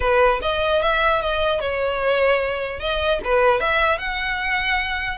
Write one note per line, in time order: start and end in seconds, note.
0.00 0.40 B4
0.41 0.81 D#5
0.82 1.21 E5
1.21 1.60 D#5
1.60 2.79 C#5
2.79 3.19 D#5
3.24 3.60 B4
3.60 3.98 E5
3.98 5.17 F#5